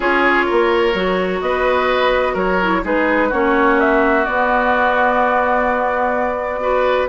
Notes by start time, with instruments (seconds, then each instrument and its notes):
0.00 bassoon C#4, clarinet F4, oboe G#4, flute C#5
0.45 bassoon A#3, oboe A#4
0.93 bassoon F#3, clarinet F#4
1.41 bassoon B3, oboe B4, flute D#5
2.33 bassoon F#3, oboe A#4, flute C#5
2.61 clarinet E4
2.83 bassoon G#3, clarinet D#4, oboe G#4, flute B4
3.28 bassoon A#3, clarinet C#4, oboe F#4, flute C#5
3.80 flute E5
4.24 clarinet B3, bassoon B3, flute D5
6.60 clarinet F#4, oboe B4